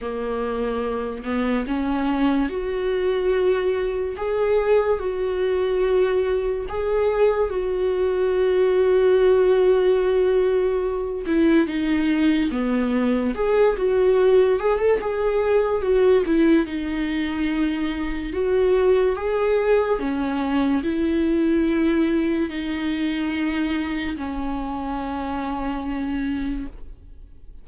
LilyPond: \new Staff \with { instrumentName = "viola" } { \time 4/4 \tempo 4 = 72 ais4. b8 cis'4 fis'4~ | fis'4 gis'4 fis'2 | gis'4 fis'2.~ | fis'4. e'8 dis'4 b4 |
gis'8 fis'4 gis'16 a'16 gis'4 fis'8 e'8 | dis'2 fis'4 gis'4 | cis'4 e'2 dis'4~ | dis'4 cis'2. | }